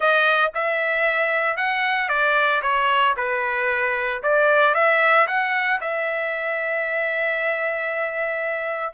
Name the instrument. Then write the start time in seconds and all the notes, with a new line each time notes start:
trumpet
0.00 D#5
0.54 E5
1.56 F#5
2.09 D5
2.62 C#5
3.17 B4
4.22 D5
4.74 E5
5.27 F#5
5.80 E5